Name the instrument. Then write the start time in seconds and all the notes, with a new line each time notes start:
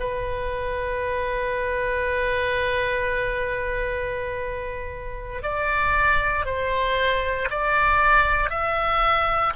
oboe
0.00 B4
5.43 D5
6.46 C5
7.51 D5
8.50 E5